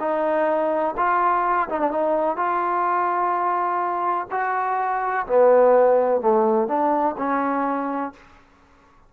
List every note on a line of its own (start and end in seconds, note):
0.00 0.95 D#4
0.97 1.69 F4
1.69 1.81 D#4
1.81 1.91 D4
1.91 2.37 D#4
2.37 4.27 F4
4.31 5.26 F#4
5.27 6.21 B3
6.21 6.68 A3
6.68 7.16 D4
7.18 8.13 C#4